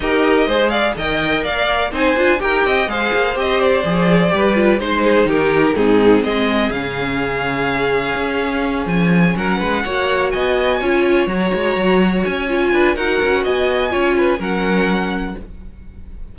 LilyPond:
<<
  \new Staff \with { instrumentName = "violin" } { \time 4/4 \tempo 4 = 125 dis''4. f''8 g''4 f''4 | gis''4 g''4 f''4 dis''8 d''8~ | d''2 c''4 ais'4 | gis'4 dis''4 f''2~ |
f''2~ f''8 gis''4 fis''8~ | fis''4. gis''2 ais''8~ | ais''4. gis''4. fis''4 | gis''2 fis''2 | }
  \new Staff \with { instrumentName = "violin" } { \time 4/4 ais'4 c''8 d''8 dis''4 d''4 | c''4 ais'8 dis''8 c''2~ | c''4 b'4 c''8 gis'8 g'4 | dis'4 gis'2.~ |
gis'2.~ gis'8 ais'8 | b'8 cis''4 dis''4 cis''4.~ | cis''2~ cis''8 b'8 ais'4 | dis''4 cis''8 b'8 ais'2 | }
  \new Staff \with { instrumentName = "viola" } { \time 4/4 g'4 gis'4 ais'2 | dis'8 f'8 g'4 gis'4 g'4 | gis'4 g'8 f'8 dis'2 | c'2 cis'2~ |
cis'1~ | cis'8 fis'2 f'4 fis'8~ | fis'2 f'4 fis'4~ | fis'4 f'4 cis'2 | }
  \new Staff \with { instrumentName = "cello" } { \time 4/4 dis'4 gis4 dis4 ais4 | c'8 d'8 dis'8 c'8 gis8 ais8 c'4 | f4 g4 gis4 dis4 | gis,4 gis4 cis2~ |
cis4 cis'4. f4 fis8 | gis8 ais4 b4 cis'4 fis8 | gis8 fis4 cis'4 d'8 dis'8 cis'8 | b4 cis'4 fis2 | }
>>